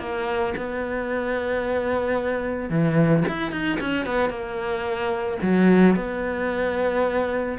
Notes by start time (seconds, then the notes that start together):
0.00 A#3
0.57 B3
2.70 E3
3.29 E4
3.52 D#4
3.81 C#4
4.06 B3
4.30 A#3
5.43 F#3
5.96 B3